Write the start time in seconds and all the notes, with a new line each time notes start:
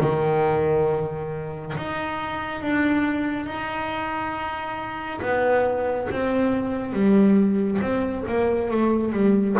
0.00 D#3
1.76 D#4
2.61 D4
3.46 D#4
5.21 B3
6.11 C4
6.92 G3
7.81 C4
8.28 A#3
8.70 A3
9.12 G3